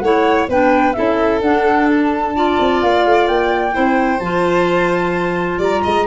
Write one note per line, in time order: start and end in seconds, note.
0.00 0.48 A3
0.00 0.50 E4
0.00 0.49 C#5
0.00 0.47 F#5
0.49 0.96 B3
0.49 0.95 D4
0.49 0.96 B4
0.49 0.94 G5
0.94 1.42 C#4
0.94 1.42 E4
0.94 2.36 A4
0.94 1.40 E5
1.42 2.58 D4
1.42 2.35 D4
1.42 1.88 F#5
1.90 2.82 A5
2.35 3.72 F4
2.35 3.74 D5
2.60 2.83 C4
2.82 3.06 A#3
2.82 3.28 F5
3.06 3.29 A3
3.28 3.75 A#3
3.28 4.20 G5
3.72 4.20 C4
3.72 4.19 E4
3.72 5.59 C5
4.20 5.59 F3
4.20 6.07 F4
4.20 5.59 A5
5.59 5.82 G3
5.59 5.82 D5
5.59 6.07 A#5
5.83 6.07 G#3
5.83 6.06 D#5